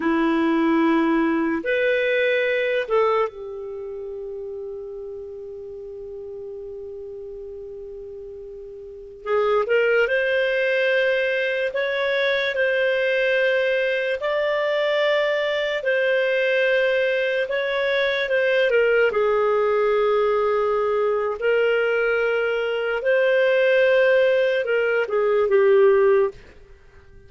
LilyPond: \new Staff \with { instrumentName = "clarinet" } { \time 4/4 \tempo 4 = 73 e'2 b'4. a'8 | g'1~ | g'2.~ g'16 gis'8 ais'16~ | ais'16 c''2 cis''4 c''8.~ |
c''4~ c''16 d''2 c''8.~ | c''4~ c''16 cis''4 c''8 ais'8 gis'8.~ | gis'2 ais'2 | c''2 ais'8 gis'8 g'4 | }